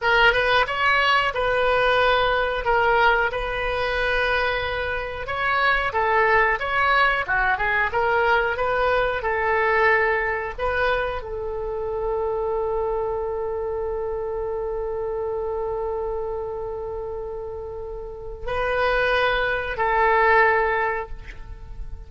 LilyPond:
\new Staff \with { instrumentName = "oboe" } { \time 4/4 \tempo 4 = 91 ais'8 b'8 cis''4 b'2 | ais'4 b'2. | cis''4 a'4 cis''4 fis'8 gis'8 | ais'4 b'4 a'2 |
b'4 a'2.~ | a'1~ | a'1 | b'2 a'2 | }